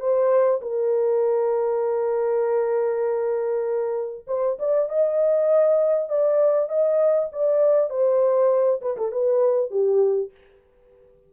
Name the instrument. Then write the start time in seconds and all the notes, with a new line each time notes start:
horn
0.00 C5
0.62 A#4
4.27 C5
4.59 D5
4.89 D#5
6.09 D5
6.69 D#5
7.33 D5
7.90 C5
8.82 B4
8.98 A4
9.12 B4
9.71 G4